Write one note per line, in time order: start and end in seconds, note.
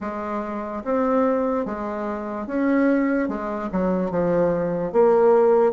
0.00 0.83 G#3
0.84 1.65 C4
1.65 2.47 G#3
2.47 3.28 C#4
3.28 3.69 G#3
3.72 4.10 F#3
4.10 4.92 F3
4.92 5.72 A#3